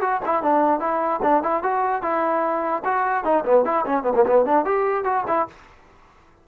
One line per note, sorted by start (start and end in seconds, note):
0.00 0.20 F#4
0.25 0.42 E4
0.42 0.79 D4
0.79 1.20 E4
1.22 1.43 D4
1.43 1.63 E4
1.63 2.02 F#4
2.02 2.83 E4
2.84 3.24 F#4
3.24 3.44 D#4
3.44 3.64 B3
3.64 3.85 E4
3.85 4.02 C#4
4.02 4.13 B3
4.15 4.25 A#3
4.26 4.45 B3
4.45 4.65 D4
4.65 5.04 G4
5.04 5.24 F#4
5.27 5.47 E4